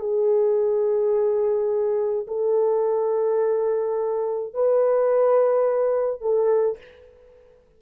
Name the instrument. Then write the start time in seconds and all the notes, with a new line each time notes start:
horn
0.00 G#4
2.27 A4
4.54 B4
6.21 A4